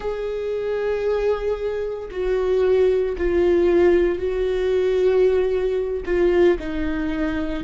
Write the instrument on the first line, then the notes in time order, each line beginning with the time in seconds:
viola
0.00 G#4
2.11 F#4
3.17 F4
4.18 F#4
6.05 F4
6.59 D#4